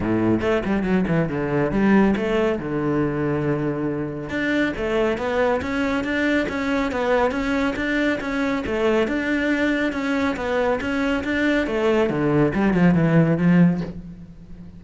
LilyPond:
\new Staff \with { instrumentName = "cello" } { \time 4/4 \tempo 4 = 139 a,4 a8 g8 fis8 e8 d4 | g4 a4 d2~ | d2 d'4 a4 | b4 cis'4 d'4 cis'4 |
b4 cis'4 d'4 cis'4 | a4 d'2 cis'4 | b4 cis'4 d'4 a4 | d4 g8 f8 e4 f4 | }